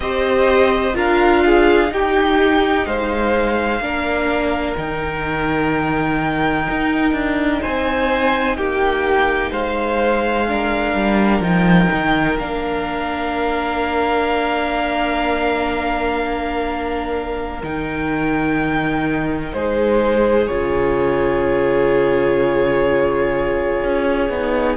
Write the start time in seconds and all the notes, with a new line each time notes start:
0.00 C4 G4 C5 D#5
0.93 D4 F4 A#4 F5
1.45 G#4
1.87 D#4 G4 G5
2.86 G#3 C5 F5
3.80 A#3 D4 A#4
4.76 D#3 D#4 G5
6.69 D#4
7.12 D4
7.61 C4 C5 G#5
8.56 A#3 G4 G5
9.50 G#3 C5 F5
10.47 D4 A#4
10.93 G3
11.39 F3 D#4 G5
11.92 D#3
12.38 A#3 D4 F5
17.62 D#3 D#4 G5
19.53 G#3 G#4 C5
20.47 C#3 F4 C#5
23.83 C#4
24.29 B3 D#4